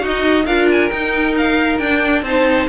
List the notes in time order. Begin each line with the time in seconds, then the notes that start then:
0.00 D#4 F#4 D#5
0.45 D4 F4 A#4 F5
0.71 G#5
0.90 D#4 G5
1.37 F5
1.78 D4 G5
2.22 C4 D#4 C5 A5